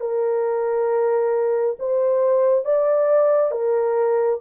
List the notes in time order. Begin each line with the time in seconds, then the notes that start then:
0.00 A#4
1.79 C5
2.64 D5
3.51 A#4